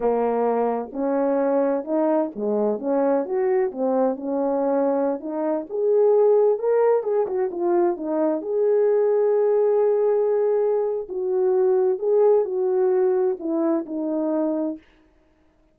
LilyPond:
\new Staff \with { instrumentName = "horn" } { \time 4/4 \tempo 4 = 130 ais2 cis'2 | dis'4 gis4 cis'4 fis'4 | c'4 cis'2~ cis'16 dis'8.~ | dis'16 gis'2 ais'4 gis'8 fis'16~ |
fis'16 f'4 dis'4 gis'4.~ gis'16~ | gis'1 | fis'2 gis'4 fis'4~ | fis'4 e'4 dis'2 | }